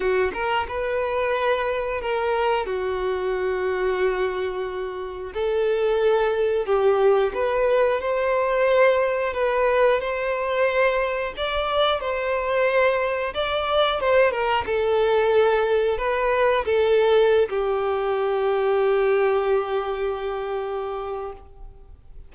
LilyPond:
\new Staff \with { instrumentName = "violin" } { \time 4/4 \tempo 4 = 90 fis'8 ais'8 b'2 ais'4 | fis'1 | a'2 g'4 b'4 | c''2 b'4 c''4~ |
c''4 d''4 c''2 | d''4 c''8 ais'8 a'2 | b'4 a'4~ a'16 g'4.~ g'16~ | g'1 | }